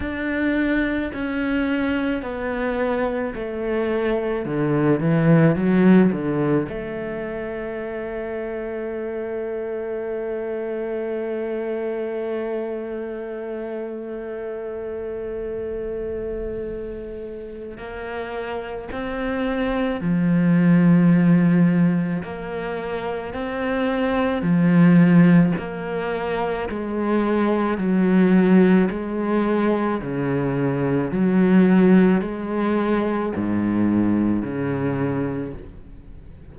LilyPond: \new Staff \with { instrumentName = "cello" } { \time 4/4 \tempo 4 = 54 d'4 cis'4 b4 a4 | d8 e8 fis8 d8 a2~ | a1~ | a1 |
ais4 c'4 f2 | ais4 c'4 f4 ais4 | gis4 fis4 gis4 cis4 | fis4 gis4 gis,4 cis4 | }